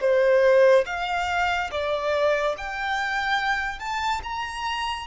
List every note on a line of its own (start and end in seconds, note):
0.00 0.85 C5
0.86 1.70 F5
1.71 2.55 D5
2.57 3.79 G5
3.79 4.21 A5
4.23 5.07 A#5